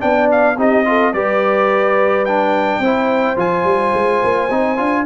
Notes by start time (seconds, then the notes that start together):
0.00 B3 D4 D5 G5
0.31 F5
0.58 C4 D#4 G4 D#5
0.86 F4 A4
1.13 G3 G4 B4 D5
2.25 D4 G5
2.80 C4 E4 C5
3.37 F3 F4 G#5
3.64 G3
3.94 G#3
4.24 A#3
4.50 C4 D#4
4.77 D4 F4